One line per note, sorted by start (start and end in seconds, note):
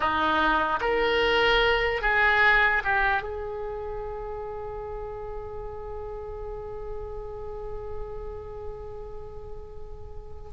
0.00 0.79 D#4
0.81 2.01 A#4
2.01 2.82 G#4
2.84 3.22 G4
3.22 10.51 G#4